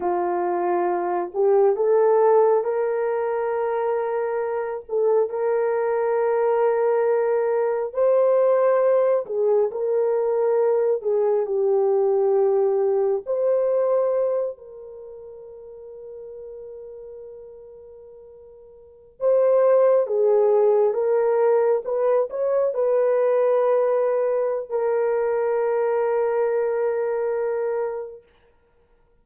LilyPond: \new Staff \with { instrumentName = "horn" } { \time 4/4 \tempo 4 = 68 f'4. g'8 a'4 ais'4~ | ais'4. a'8 ais'2~ | ais'4 c''4. gis'8 ais'4~ | ais'8 gis'8 g'2 c''4~ |
c''8 ais'2.~ ais'8~ | ais'4.~ ais'16 c''4 gis'4 ais'16~ | ais'8. b'8 cis''8 b'2~ b'16 | ais'1 | }